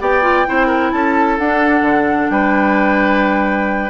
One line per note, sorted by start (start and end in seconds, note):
0.00 0.46 B3
0.00 0.22 G4
0.00 0.47 D5
0.00 0.91 G5
0.22 0.45 F4
0.46 0.92 C4
0.46 1.38 E4
0.46 0.67 C5
0.67 0.90 A#4
0.91 1.38 C#4
0.91 2.32 A4
0.91 1.37 A5
1.38 1.81 D4
1.38 3.89 D4
1.38 2.30 F#5
1.81 2.27 D3
2.30 3.89 G3
2.30 3.89 B4
2.30 3.89 G5